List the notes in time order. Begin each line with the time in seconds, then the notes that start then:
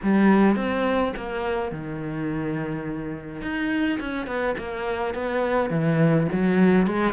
0.02 G3
0.56 C4
1.16 A#3
1.71 D#3
3.41 D#4
4.00 C#4
4.26 B3
4.58 A#3
5.14 B3
5.70 E3
6.32 F#3
6.86 G#3